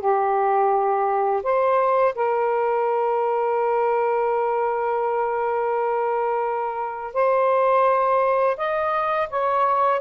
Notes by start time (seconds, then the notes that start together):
0.00 G4
1.44 C5
2.16 A#4
7.14 C5
8.57 D#5
9.30 C#5